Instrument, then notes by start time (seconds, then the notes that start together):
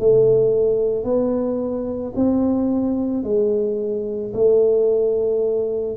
tuba
0.00 A3
1.04 B3
2.15 C4
3.23 G#3
4.34 A3